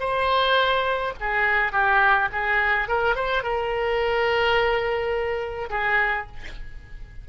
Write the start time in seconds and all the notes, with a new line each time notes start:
0.00 C5
1.20 G#4
1.72 G4
2.32 G#4
2.88 A#4
3.15 C5
3.43 A#4
5.70 G#4